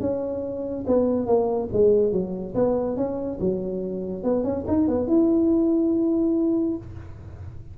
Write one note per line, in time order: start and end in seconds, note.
0.00 0.85 C#4
0.87 1.26 B3
1.26 1.69 A#3
1.72 2.12 G#3
2.12 2.54 F#3
2.55 2.96 B3
2.96 3.39 C#4
3.40 4.23 F#3
4.23 4.43 B3
4.43 4.65 C#4
4.67 4.88 D#4
4.88 5.07 B3
5.07 6.76 E4